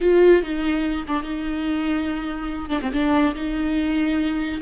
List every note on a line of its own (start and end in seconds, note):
0.00 0.42 F4
0.42 1.05 D#4
1.07 1.22 D4
1.22 2.69 D#4
2.69 2.80 D4
2.81 2.92 C4
2.93 3.35 D4
3.35 4.61 D#4